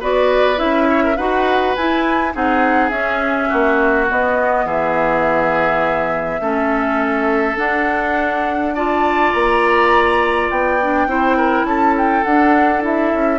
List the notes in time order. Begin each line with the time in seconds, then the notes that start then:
0.00 B3 F#4 B4 D5
0.56 C#4 E4 E5
0.89 C#5
1.03 A#4
1.16 D#4 F#4 B4 F#5
1.75 E4 G#5
2.33 C4 D#4 G#4 F#5
2.90 C#4 E5
3.49 A#3 F#4
4.09 B3 D#5
4.65 E3 G#4 E5
6.40 A3 C#4 A4
7.56 D4 F#5
8.74 F4 D5 A5
9.33 A#3 A#5
10.50 B3 G5
10.81 D4
11.07 C4 E4 C5
11.37 A#4
11.63 C#4 A4 A5
11.97 G5
12.24 D4 F#5
12.80 E4 E5
13.13 C#4